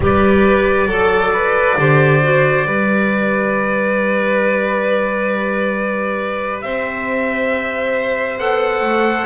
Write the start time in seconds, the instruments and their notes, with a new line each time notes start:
0.00 double bass G3, clarinet G4, violin B4, trumpet D5
0.86 double bass F#3, violin A4, clarinet A4
1.33 violin B4
1.77 double bass D3, clarinet G4, violin C5
2.22 clarinet F#4
2.65 double bass G3, clarinet G4, violin B4
6.61 double bass C4, violin C5, trumpet E5
8.38 double bass B3, clarinet A4, trumpet F#5
8.81 double bass A3